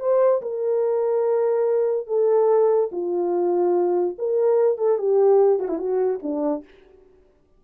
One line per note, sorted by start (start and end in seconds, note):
0.00 0.41 C5
0.42 2.07 A#4
2.07 2.90 A4
2.92 4.16 F4
4.18 4.78 A#4
4.78 4.98 A4
4.98 5.60 G4
5.60 5.69 F#4
5.69 5.78 E4
5.78 6.20 F#4
6.23 6.64 D4